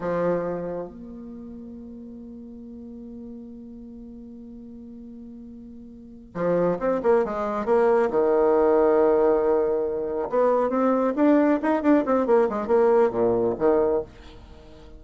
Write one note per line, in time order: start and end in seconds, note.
0.00 0.88 F3
0.88 6.34 A#3
6.34 6.78 F3
6.79 7.01 C4
7.02 7.24 A#3
7.24 7.65 G#3
7.65 8.09 A#3
8.10 10.29 D#3
10.29 10.69 B3
10.69 11.13 C4
11.15 11.59 D4
11.62 11.82 D#4
11.82 12.04 D4
12.05 12.26 C4
12.26 12.48 A#3
12.49 12.67 G#3
12.67 13.10 A#3
13.10 13.54 A#2
13.58 14.02 D#3